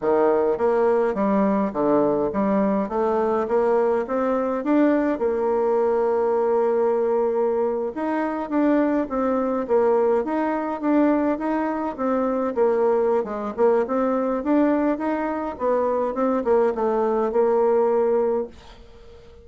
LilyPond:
\new Staff \with { instrumentName = "bassoon" } { \time 4/4 \tempo 4 = 104 dis4 ais4 g4 d4 | g4 a4 ais4 c'4 | d'4 ais2.~ | ais4.~ ais16 dis'4 d'4 c'16~ |
c'8. ais4 dis'4 d'4 dis'16~ | dis'8. c'4 ais4~ ais16 gis8 ais8 | c'4 d'4 dis'4 b4 | c'8 ais8 a4 ais2 | }